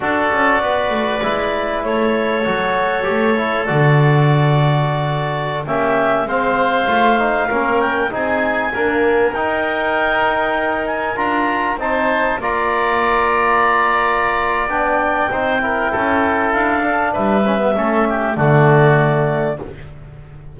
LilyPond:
<<
  \new Staff \with { instrumentName = "clarinet" } { \time 4/4 \tempo 4 = 98 d''2. cis''4~ | cis''2 d''2~ | d''4~ d''16 e''4 f''4.~ f''16~ | f''8. g''8 gis''2 g''8.~ |
g''4.~ g''16 gis''8 ais''4 a''8.~ | a''16 ais''2.~ ais''8. | g''2. f''4 | e''2 d''2 | }
  \new Staff \with { instrumentName = "oboe" } { \time 4/4 a'4 b'2 a'4~ | a'1~ | a'4~ a'16 g'4 c''4.~ c''16~ | c''16 ais'4 gis'4 ais'4.~ ais'16~ |
ais'2.~ ais'16 c''8.~ | c''16 d''2.~ d''8.~ | d''4 c''8 ais'8 a'2 | b'4 a'8 g'8 fis'2 | }
  \new Staff \with { instrumentName = "trombone" } { \time 4/4 fis'2 e'2 | fis'4 g'8 e'8 fis'2~ | fis'4~ fis'16 cis'4 c'4 f'8 dis'16~ | dis'16 cis'4 dis'4 ais4 dis'8.~ |
dis'2~ dis'16 f'4 dis'8.~ | dis'16 f'2.~ f'8. | d'4 dis'8 e'2 d'8~ | d'8 cis'16 b16 cis'4 a2 | }
  \new Staff \with { instrumentName = "double bass" } { \time 4/4 d'8 cis'8 b8 a8 gis4 a4 | fis4 a4 d2~ | d4~ d16 ais4 gis4 a8.~ | a16 ais4 c'4 d'4 dis'8.~ |
dis'2~ dis'16 d'4 c'8.~ | c'16 ais2.~ ais8. | b4 c'4 cis'4 d'4 | g4 a4 d2 | }
>>